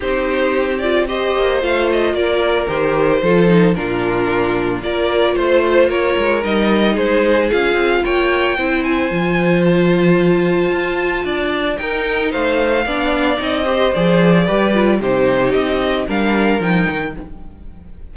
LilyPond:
<<
  \new Staff \with { instrumentName = "violin" } { \time 4/4 \tempo 4 = 112 c''4. d''8 dis''4 f''8 dis''8 | d''4 c''2 ais'4~ | ais'4 d''4 c''4 cis''4 | dis''4 c''4 f''4 g''4~ |
g''8 gis''4. a''2~ | a''2 g''4 f''4~ | f''4 dis''4 d''2 | c''4 dis''4 f''4 g''4 | }
  \new Staff \with { instrumentName = "violin" } { \time 4/4 g'2 c''2 | ais'2 a'4 f'4~ | f'4 ais'4 c''4 ais'4~ | ais'4 gis'2 cis''4 |
c''1~ | c''4 d''4 ais'4 c''4 | d''4. c''4. b'4 | g'2 ais'2 | }
  \new Staff \with { instrumentName = "viola" } { \time 4/4 dis'4. f'8 g'4 f'4~ | f'4 g'4 f'8 dis'8 d'4~ | d'4 f'2. | dis'2 f'2 |
e'4 f'2.~ | f'2 dis'2 | d'4 dis'8 g'8 gis'4 g'8 f'8 | dis'2 d'4 dis'4 | }
  \new Staff \with { instrumentName = "cello" } { \time 4/4 c'2~ c'8 ais8 a4 | ais4 dis4 f4 ais,4~ | ais,4 ais4 a4 ais8 gis8 | g4 gis4 cis'8 c'8 ais4 |
c'4 f2. | f'4 d'4 dis'4 a4 | b4 c'4 f4 g4 | c4 c'4 g4 f8 dis8 | }
>>